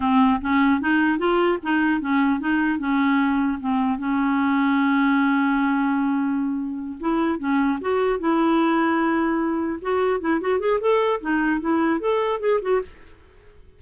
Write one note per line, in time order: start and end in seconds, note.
0.00 0.40 C4
0.41 0.80 C#4
0.80 1.18 D#4
1.18 1.58 F4
1.62 2.00 D#4
2.00 2.39 C#4
2.39 2.79 D#4
2.79 3.59 C#4
3.60 3.98 C4
3.98 6.98 C#4
6.99 7.39 E4
7.39 7.79 C#4
7.81 8.19 F#4
8.19 9.79 E4
9.81 10.20 F#4
10.20 10.40 E4
10.41 10.59 F#4
10.59 10.79 G#4
10.80 11.20 A4
11.20 11.60 D#4
11.60 11.99 E4
11.99 12.39 A4
12.39 12.59 G#4
12.61 12.81 F#4